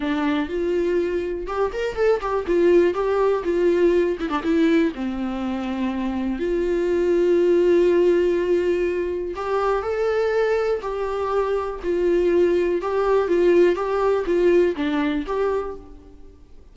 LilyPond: \new Staff \with { instrumentName = "viola" } { \time 4/4 \tempo 4 = 122 d'4 f'2 g'8 ais'8 | a'8 g'8 f'4 g'4 f'4~ | f'8 e'16 d'16 e'4 c'2~ | c'4 f'2.~ |
f'2. g'4 | a'2 g'2 | f'2 g'4 f'4 | g'4 f'4 d'4 g'4 | }